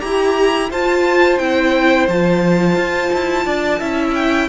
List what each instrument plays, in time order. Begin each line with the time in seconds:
0.00 cello E4, viola G4, violin G4 A#5
0.70 cello F4, viola F4, violin C5 A5
1.38 cello C4, viola E4, violin G5
2.08 cello F3, viola F4, violin A5
2.76 cello F4
3.13 cello E4
3.45 cello D4, violin D5
3.79 cello C#4, viola E4, violin E5
4.14 violin G5